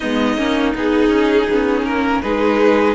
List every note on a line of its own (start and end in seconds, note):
0.00 0.37 G#3
0.00 0.37 B3
0.00 2.21 D#4
0.00 0.72 D#5
0.37 0.74 A#3
0.37 0.74 C#4
0.74 1.08 B3
0.74 1.49 D#4
0.74 1.84 G#4
1.08 1.46 C#4
1.49 1.83 B3
1.49 2.23 C#4
1.83 2.20 A#3
1.83 2.21 A#4
2.22 2.94 G#3
2.22 2.94 D#4
2.22 2.94 G#4
2.22 2.94 B4